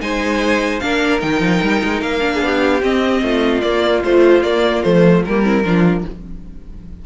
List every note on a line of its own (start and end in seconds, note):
0.00 0.81 G#3
0.00 0.81 D#4
0.00 0.83 C5
0.00 0.79 G#5
0.79 1.22 A#3
0.79 1.20 D4
0.79 2.34 A#4
0.79 1.20 F5
1.20 1.40 D#3
1.20 2.19 D#4
1.20 2.01 G5
1.40 1.60 F3
1.62 1.82 G3
1.83 2.01 G#3
2.01 2.41 A#3
2.01 2.82 F5
2.19 2.80 D4
2.34 2.44 G#4
2.41 2.82 B3
2.41 3.22 G4
2.82 3.62 C4
2.82 3.22 C4
2.82 3.60 D#5
3.22 3.62 A3
3.22 5.43 F4
3.60 4.03 A#3
3.60 4.01 D5
4.04 4.44 F3
4.04 4.42 A3
4.04 4.42 C5
4.42 4.83 A#3
4.42 4.82 D5
4.82 5.25 F3
4.82 5.24 A3
4.82 5.23 C5
5.25 5.64 G3
5.25 5.43 A#3
5.25 6.05 A#4
5.43 5.63 C4
5.43 5.63 E4
5.64 6.04 F3
5.64 6.05 D4
5.64 6.05 F4